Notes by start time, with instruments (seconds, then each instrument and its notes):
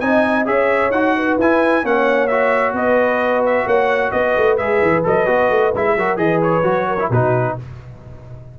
0.00 tuba C4, trombone D#4, horn D#5, trumpet G#5
0.45 tuba C#4, trombone G#4, horn C#5, trumpet E5
0.91 tuba D#4, trombone F#4, trumpet F#5
1.16 horn B4
1.38 tuba E4, trombone E4, trumpet G#5
1.83 tuba A#3, trombone C#4, horn C#5, trumpet F#5
2.27 trombone F#4, trumpet E5
2.73 tuba B3, horn B4, trumpet D#5
3.46 trumpet E5
3.66 tuba A#3, horn C#5, trumpet F#5
4.11 tuba B3, horn B4, trumpet D#5
4.37 tuba A3
4.57 tuba G#3, trombone G#4, trumpet E5
4.82 tuba E3
5.04 tuba F#3, trombone A4, trumpet D#5
5.26 tuba B3, trombone F#4
5.50 tuba A3
5.74 tuba G#3, trombone E4, trumpet E5
5.96 tuba F#3, trombone F#4, horn A#4
6.17 tuba E3, trombone G#4, horn B4, trumpet D#5
6.42 trumpet C#5
6.63 tuba F#3, trombone F#4
6.88 horn A#4
6.99 trombone E4
7.09 tuba B2, trombone D#4, horn F#4, trumpet B4